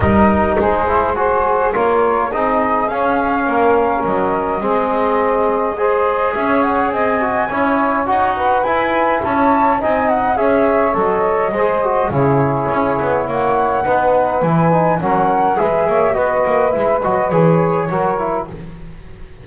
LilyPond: <<
  \new Staff \with { instrumentName = "flute" } { \time 4/4 \tempo 4 = 104 dis''4 c''4 gis'4 cis''4 | dis''4 f''2 dis''4~ | dis''2. e''8 fis''8 | gis''2 fis''4 gis''4 |
a''4 gis''8 fis''8 e''4 dis''4~ | dis''4 cis''2 fis''4~ | fis''4 gis''4 fis''4 e''4 | dis''4 e''8 dis''8 cis''2 | }
  \new Staff \with { instrumentName = "saxophone" } { \time 4/4 ais'4 gis'4 c''4 ais'4 | gis'2 ais'2 | gis'2 c''4 cis''4 | dis''4 cis''4. b'4. |
cis''4 dis''4 cis''2 | c''4 gis'2 cis''4 | b'2 ais'4 b'8 cis''8 | b'2. ais'4 | }
  \new Staff \with { instrumentName = "trombone" } { \time 4/4 dis'4. e'8 fis'4 f'4 | dis'4 cis'2. | c'2 gis'2~ | gis'8 fis'8 e'4 fis'4 e'4~ |
e'4 dis'4 gis'4 a'4 | gis'8 fis'8 e'2. | dis'4 e'8 dis'8 cis'4 gis'4 | fis'4 e'8 fis'8 gis'4 fis'8 e'8 | }
  \new Staff \with { instrumentName = "double bass" } { \time 4/4 g4 gis2 ais4 | c'4 cis'4 ais4 fis4 | gis2. cis'4 | c'4 cis'4 dis'4 e'4 |
cis'4 c'4 cis'4 fis4 | gis4 cis4 cis'8 b8 ais4 | b4 e4 fis4 gis8 ais8 | b8 ais8 gis8 fis8 e4 fis4 | }
>>